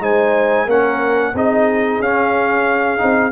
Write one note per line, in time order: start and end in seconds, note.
0.00 0.67 G#3
0.00 0.67 D#4
0.00 0.65 C5
0.00 0.69 G#5
0.65 1.33 A#3
0.65 1.34 C#4
0.65 1.32 A#4
0.65 1.36 F#5
1.34 1.99 C4
1.34 2.03 D#4
1.34 3.32 G#4
1.34 2.01 D#5
1.99 2.99 C#4
1.99 2.97 C#4
1.99 3.32 F5
2.97 3.32 C4
2.97 3.31 D#4